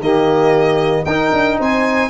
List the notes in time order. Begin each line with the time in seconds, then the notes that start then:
0.00 D#3 A#3 G4 D#5
1.05 D#4 A#4 G5
1.33 D4
1.59 C4 C5 G#5